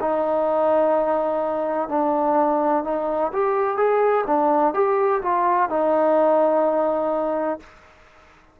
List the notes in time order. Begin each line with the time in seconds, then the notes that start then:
0.00 D#4
1.89 D4
2.84 D#4
3.32 G4
3.77 G#4
4.26 D4
4.74 G4
5.22 F4
5.69 D#4